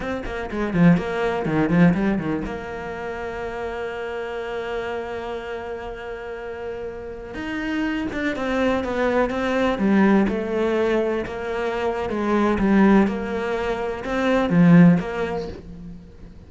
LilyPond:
\new Staff \with { instrumentName = "cello" } { \time 4/4 \tempo 4 = 124 c'8 ais8 gis8 f8 ais4 dis8 f8 | g8 dis8 ais2.~ | ais1~ | ais2.~ ais16 dis'8.~ |
dis'8. d'8 c'4 b4 c'8.~ | c'16 g4 a2 ais8.~ | ais4 gis4 g4 ais4~ | ais4 c'4 f4 ais4 | }